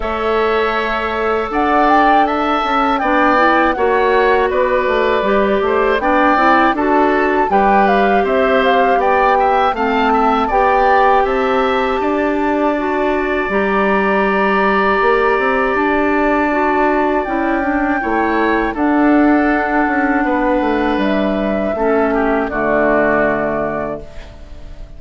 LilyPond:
<<
  \new Staff \with { instrumentName = "flute" } { \time 4/4 \tempo 4 = 80 e''2 fis''8 g''8 a''4 | g''4 fis''4 d''2 | g''4 a''4 g''8 f''8 e''8 f''8 | g''4 a''4 g''4 a''4~ |
a''2 ais''2~ | ais''4 a''2 g''4~ | g''4 fis''2. | e''2 d''2 | }
  \new Staff \with { instrumentName = "oboe" } { \time 4/4 cis''2 d''4 e''4 | d''4 cis''4 b'4. c''8 | d''4 a'4 b'4 c''4 | d''8 e''8 f''8 e''8 d''4 e''4 |
d''1~ | d''1 | cis''4 a'2 b'4~ | b'4 a'8 g'8 fis'2 | }
  \new Staff \with { instrumentName = "clarinet" } { \time 4/4 a'1 | d'8 e'8 fis'2 g'4 | d'8 e'8 fis'4 g'2~ | g'4 c'4 g'2~ |
g'4 fis'4 g'2~ | g'2 fis'4 e'8 d'8 | e'4 d'2.~ | d'4 cis'4 a2 | }
  \new Staff \with { instrumentName = "bassoon" } { \time 4/4 a2 d'4. cis'8 | b4 ais4 b8 a8 g8 a8 | b8 c'8 d'4 g4 c'4 | b4 a4 b4 c'4 |
d'2 g2 | ais8 c'8 d'2 cis'4 | a4 d'4. cis'8 b8 a8 | g4 a4 d2 | }
>>